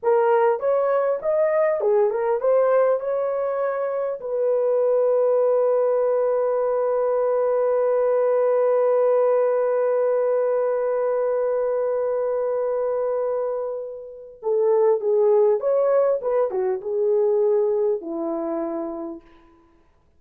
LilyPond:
\new Staff \with { instrumentName = "horn" } { \time 4/4 \tempo 4 = 100 ais'4 cis''4 dis''4 gis'8 ais'8 | c''4 cis''2 b'4~ | b'1~ | b'1~ |
b'1~ | b'1 | a'4 gis'4 cis''4 b'8 fis'8 | gis'2 e'2 | }